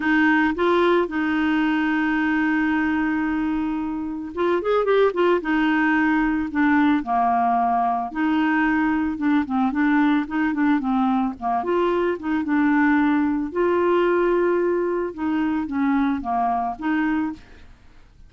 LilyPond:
\new Staff \with { instrumentName = "clarinet" } { \time 4/4 \tempo 4 = 111 dis'4 f'4 dis'2~ | dis'1 | f'8 gis'8 g'8 f'8 dis'2 | d'4 ais2 dis'4~ |
dis'4 d'8 c'8 d'4 dis'8 d'8 | c'4 ais8 f'4 dis'8 d'4~ | d'4 f'2. | dis'4 cis'4 ais4 dis'4 | }